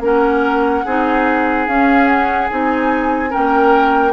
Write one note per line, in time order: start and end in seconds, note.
0.00 0.82 A#3
0.00 0.84 C#4
0.00 0.85 A#4
0.00 1.67 F#5
0.85 1.67 C4
0.85 1.68 D#4
0.85 3.30 G#4
1.67 2.49 C#4
1.67 2.07 F5
2.07 2.48 F#5
2.49 3.33 C4
2.49 3.29 D#4
2.49 3.33 G#5
3.29 4.12 C#4
3.29 4.12 A#4
3.29 4.13 G5
3.36 4.13 A#3